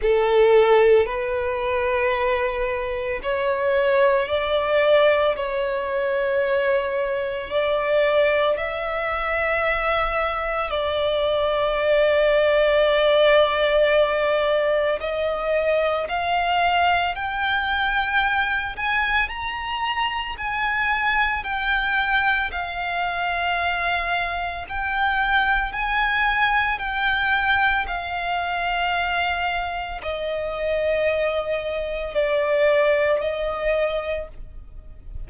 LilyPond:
\new Staff \with { instrumentName = "violin" } { \time 4/4 \tempo 4 = 56 a'4 b'2 cis''4 | d''4 cis''2 d''4 | e''2 d''2~ | d''2 dis''4 f''4 |
g''4. gis''8 ais''4 gis''4 | g''4 f''2 g''4 | gis''4 g''4 f''2 | dis''2 d''4 dis''4 | }